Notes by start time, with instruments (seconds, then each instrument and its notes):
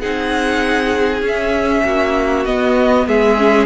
0.00 cello C4, viola D#4, violin G#4 F#5
1.22 cello C#4, viola C#4, violin E5
1.84 cello A#3, violin F#4
2.45 cello B3, viola B3, violin D#5
3.07 cello G#3, violin G#4 E5
3.37 viola C#4